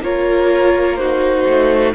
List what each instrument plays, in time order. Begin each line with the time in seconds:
0.00 cello A#3, viola F4, violin A#4 C#5
0.96 viola D#4, violin F#4 C5
1.46 cello A3